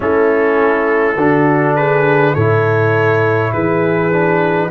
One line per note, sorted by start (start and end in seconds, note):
0.00 1.16 A3
0.00 1.17 C#4
0.00 1.17 E4
0.00 1.76 A4
1.16 2.34 D3
1.16 2.36 D4
1.16 1.75 F#4
1.76 2.34 G#4
1.76 2.34 B4
2.34 3.53 A2
2.34 4.12 E4
2.34 3.51 A4
2.34 3.52 C#5
3.52 4.70 E3
3.52 4.69 G#4
3.52 4.70 B4
4.12 4.70 D4